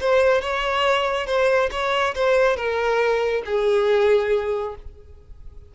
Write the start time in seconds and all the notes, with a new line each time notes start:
0.00 C5
0.41 C#5
1.26 C5
1.71 C#5
2.14 C5
2.56 A#4
3.45 G#4